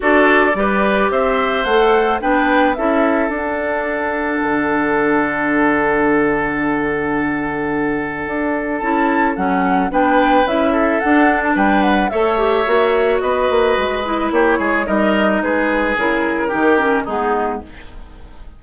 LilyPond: <<
  \new Staff \with { instrumentName = "flute" } { \time 4/4 \tempo 4 = 109 d''2 e''4 fis''4 | g''4 e''4 fis''2~ | fis''1~ | fis''1 |
a''4 fis''4 g''4 e''4 | fis''8. a''16 g''8 fis''8 e''2 | dis''2 cis''4 dis''4 | b'4 ais'2 gis'4 | }
  \new Staff \with { instrumentName = "oboe" } { \time 4/4 a'4 b'4 c''2 | b'4 a'2.~ | a'1~ | a'1~ |
a'2 b'4. a'8~ | a'4 b'4 cis''2 | b'2 g'8 gis'8 ais'4 | gis'2 g'4 dis'4 | }
  \new Staff \with { instrumentName = "clarinet" } { \time 4/4 fis'4 g'2 a'4 | d'4 e'4 d'2~ | d'1~ | d'1 |
e'4 cis'4 d'4 e'4 | d'2 a'8 g'8 fis'4~ | fis'4. e'4. dis'4~ | dis'4 e'4 dis'8 cis'8 b4 | }
  \new Staff \with { instrumentName = "bassoon" } { \time 4/4 d'4 g4 c'4 a4 | b4 cis'4 d'2 | d1~ | d2. d'4 |
cis'4 fis4 b4 cis'4 | d'4 g4 a4 ais4 | b8 ais8 gis4 ais8 gis8 g4 | gis4 cis4 dis4 gis4 | }
>>